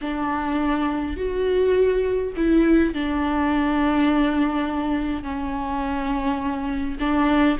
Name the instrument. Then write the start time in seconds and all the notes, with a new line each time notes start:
viola
0.01 D4
1.16 F#4
2.36 E4
2.94 D4
5.23 C#4
6.99 D4